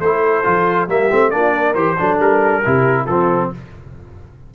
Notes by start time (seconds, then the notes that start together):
0.00 A3 E4 A4 C5
0.44 F3 F4
0.88 G3 A#3 G4 E5
1.10 A3 C4
1.31 A#3 D4 F4 D5
1.55 A#4
1.75 E3 G4 C5
1.98 F#3 D4 A4
2.20 G3 A#4
2.65 C3 E4 G4
3.06 F3 C4 F4 A4